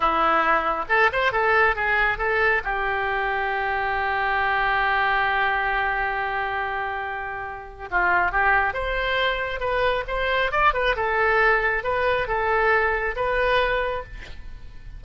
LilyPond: \new Staff \with { instrumentName = "oboe" } { \time 4/4 \tempo 4 = 137 e'2 a'8 c''8 a'4 | gis'4 a'4 g'2~ | g'1~ | g'1~ |
g'2 f'4 g'4 | c''2 b'4 c''4 | d''8 b'8 a'2 b'4 | a'2 b'2 | }